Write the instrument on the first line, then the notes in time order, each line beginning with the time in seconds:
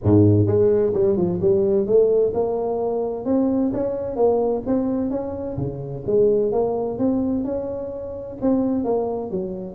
tuba
0.03 G#2
0.46 G#3
0.93 G3
1.16 F3
1.41 G3
1.86 A3
2.34 A#3
3.25 C4
3.73 C#4
4.16 A#3
4.66 C4
5.10 C#4
5.57 C#3
6.06 G#3
6.52 A#3
6.98 C4
7.44 C#4
8.41 C4
8.84 A#3
9.30 F#3